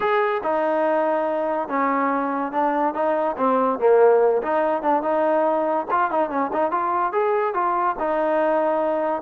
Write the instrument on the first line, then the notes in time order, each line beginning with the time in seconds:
trombone
0.00 G#4
0.43 D#4
1.68 C#4
2.52 D4
2.94 D#4
3.37 C4
3.79 A#3
4.42 D#4
4.82 D4
5.02 D#4
5.90 F4
6.10 D#4
6.29 C#4
6.52 D#4
6.71 F4
7.12 G#4
7.54 F4
7.99 D#4